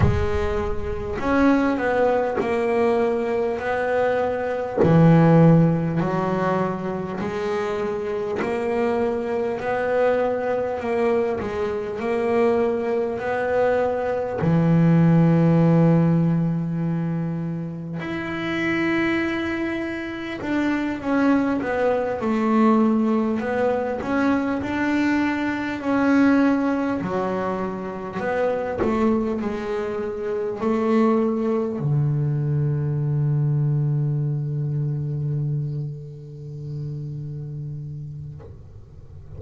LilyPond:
\new Staff \with { instrumentName = "double bass" } { \time 4/4 \tempo 4 = 50 gis4 cis'8 b8 ais4 b4 | e4 fis4 gis4 ais4 | b4 ais8 gis8 ais4 b4 | e2. e'4~ |
e'4 d'8 cis'8 b8 a4 b8 | cis'8 d'4 cis'4 fis4 b8 | a8 gis4 a4 d4.~ | d1 | }